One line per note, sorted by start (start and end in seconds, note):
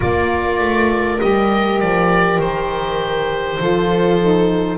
0.00 0.59 A#3
0.00 1.18 F4
0.00 3.58 A#4
0.00 1.20 D5
0.59 1.19 A3
1.20 1.81 G3
1.20 3.59 G4
1.20 1.79 D#5
1.79 2.38 F3
1.79 2.40 D5
2.38 3.58 D#3
2.38 4.78 C5
3.59 4.78 F3
3.59 4.19 F4
3.59 4.78 A4
4.21 4.78 D#4